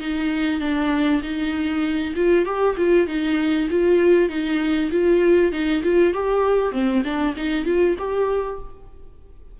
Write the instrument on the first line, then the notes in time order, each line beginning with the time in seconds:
viola
0.00 D#4
0.60 D4
1.22 D#4
2.15 F4
2.45 G4
2.77 F4
3.07 D#4
3.70 F4
4.29 D#4
4.91 F4
5.52 D#4
5.83 F4
6.14 G4
6.72 C4
7.04 D4
7.36 D#4
7.65 F4
7.98 G4